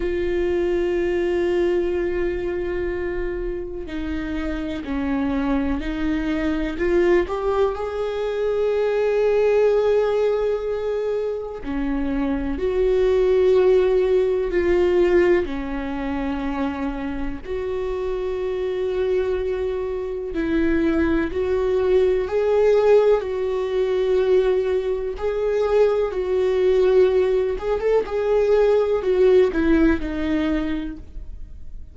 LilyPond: \new Staff \with { instrumentName = "viola" } { \time 4/4 \tempo 4 = 62 f'1 | dis'4 cis'4 dis'4 f'8 g'8 | gis'1 | cis'4 fis'2 f'4 |
cis'2 fis'2~ | fis'4 e'4 fis'4 gis'4 | fis'2 gis'4 fis'4~ | fis'8 gis'16 a'16 gis'4 fis'8 e'8 dis'4 | }